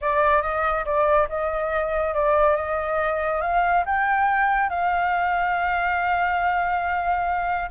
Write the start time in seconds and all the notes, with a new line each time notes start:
0.01 D5
0.42 D#5
0.85 D5
1.28 D#5
2.14 D5
2.56 D#5
3.41 F5
3.85 G5
4.69 F5